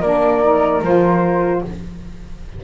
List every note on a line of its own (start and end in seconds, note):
0.00 0.82 A#3
0.00 0.43 D4
0.00 1.60 A#4
0.00 0.82 D5
0.43 0.83 D#4
0.82 1.62 F3
0.82 1.65 F4
0.82 1.64 C5